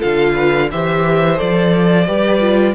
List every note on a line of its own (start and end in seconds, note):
0.00 0.72 D3
0.00 0.69 F4
0.00 0.34 A4
0.00 0.70 F5
0.35 0.69 B4
0.71 1.41 E3
0.71 1.36 G4
0.71 2.07 C5
0.71 1.39 E5
1.36 2.09 F3
1.36 2.04 A4
1.36 2.75 D5
2.07 2.75 G3
2.07 2.41 G4
2.07 2.75 B4
2.41 2.75 F4